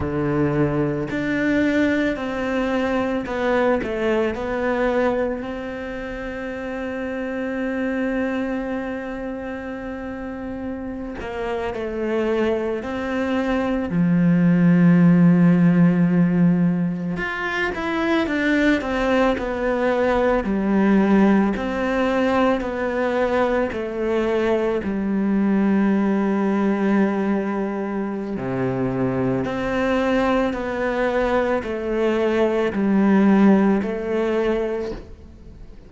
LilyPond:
\new Staff \with { instrumentName = "cello" } { \time 4/4 \tempo 4 = 55 d4 d'4 c'4 b8 a8 | b4 c'2.~ | c'2~ c'16 ais8 a4 c'16~ | c'8. f2. f'16~ |
f'16 e'8 d'8 c'8 b4 g4 c'16~ | c'8. b4 a4 g4~ g16~ | g2 c4 c'4 | b4 a4 g4 a4 | }